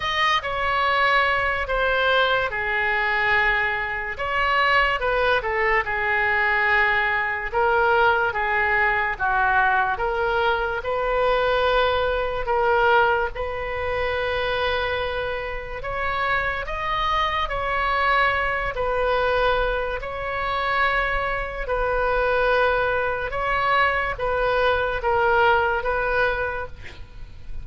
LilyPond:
\new Staff \with { instrumentName = "oboe" } { \time 4/4 \tempo 4 = 72 dis''8 cis''4. c''4 gis'4~ | gis'4 cis''4 b'8 a'8 gis'4~ | gis'4 ais'4 gis'4 fis'4 | ais'4 b'2 ais'4 |
b'2. cis''4 | dis''4 cis''4. b'4. | cis''2 b'2 | cis''4 b'4 ais'4 b'4 | }